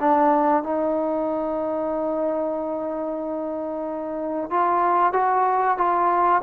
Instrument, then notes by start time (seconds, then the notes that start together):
trombone
0.00 D4
0.63 D#4
4.50 F4
5.13 F#4
5.78 F4